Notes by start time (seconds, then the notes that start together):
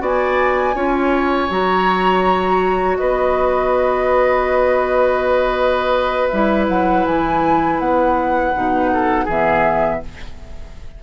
0.00 B3 F#4 D5 G#5
0.74 C#4 F4 C#5
1.49 F#3 F#4 A#5
2.97 B3 B4 D#5
6.28 G3 E4 E5
6.69 F#3 F#5
7.05 E3 G#5
7.79 B3 F#5
8.54 B2 D#4
8.93 A4
9.25 E3 B3 G#4 E5